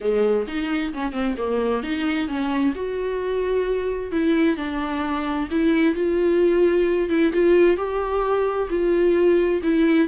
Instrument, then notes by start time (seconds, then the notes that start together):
viola
0.00 G#3
0.47 D#4
0.93 C#4
1.12 C4
1.37 A#3
1.83 D#4
2.28 C#4
2.75 F#4
4.11 E4
4.57 D4
5.51 E4
5.94 F4
7.09 E4
7.32 F4
7.76 G4
8.70 F4
9.62 E4